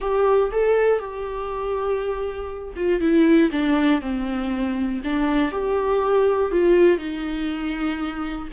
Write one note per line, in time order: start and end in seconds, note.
0.00 0.50 G4
0.51 0.99 A4
0.99 2.74 G4
2.76 3.00 F4
3.00 3.50 E4
3.51 4.01 D4
4.01 5.01 C4
5.04 5.51 D4
5.51 6.51 G4
6.51 6.97 F4
6.97 8.47 D#4